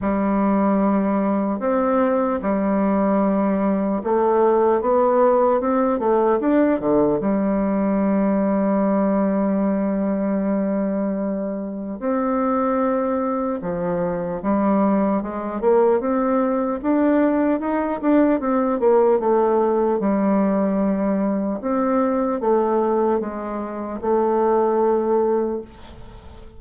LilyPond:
\new Staff \with { instrumentName = "bassoon" } { \time 4/4 \tempo 4 = 75 g2 c'4 g4~ | g4 a4 b4 c'8 a8 | d'8 d8 g2.~ | g2. c'4~ |
c'4 f4 g4 gis8 ais8 | c'4 d'4 dis'8 d'8 c'8 ais8 | a4 g2 c'4 | a4 gis4 a2 | }